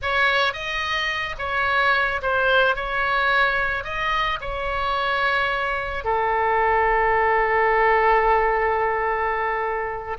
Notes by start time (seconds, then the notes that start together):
0.02 C#5
0.53 D#5
1.38 C#5
2.22 C5
2.75 C#5
3.84 D#5
4.40 C#5
6.04 A4